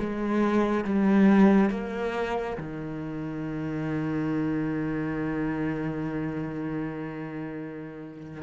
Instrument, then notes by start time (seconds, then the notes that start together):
cello
0.00 G#3
0.85 G3
1.71 A#3
2.58 D#3